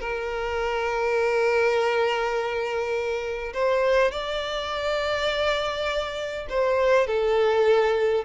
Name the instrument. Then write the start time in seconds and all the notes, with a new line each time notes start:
violin
0.00 A#4
3.53 C5
4.11 D5
6.49 C5
7.07 A4